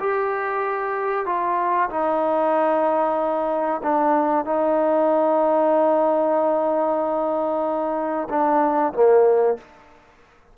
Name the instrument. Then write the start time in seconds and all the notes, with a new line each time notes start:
trombone
0.00 G4
1.26 F4
1.90 D#4
3.83 D4
4.45 D#4
8.30 D4
8.94 A#3